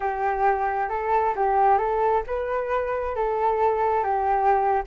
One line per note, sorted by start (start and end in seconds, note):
0.00 0.89 G4
0.89 1.34 A4
1.35 1.78 G4
1.78 2.23 A4
2.27 3.15 B4
3.15 4.03 A4
4.03 4.82 G4